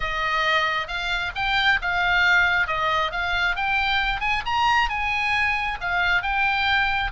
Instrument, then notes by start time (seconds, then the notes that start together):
oboe
0.00 D#5
0.87 F5
1.35 G5
1.81 F5
2.67 D#5
3.11 F5
3.56 G5
4.20 G#5
4.45 A#5
4.89 G#5
5.80 F5
6.22 G5